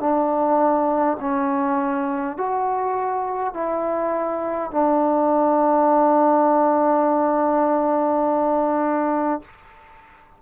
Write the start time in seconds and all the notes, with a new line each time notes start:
0.00 D4
1.20 C#4
2.37 F#4
3.54 E4
4.71 D4